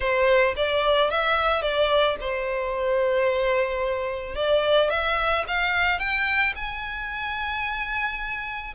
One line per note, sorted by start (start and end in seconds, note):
0.00 0.55 C5
0.56 1.10 D5
1.10 1.62 E5
1.62 2.16 D5
2.20 4.35 C5
4.35 4.90 D5
4.90 5.44 E5
5.47 5.99 F5
5.99 6.53 G5
6.55 8.73 G#5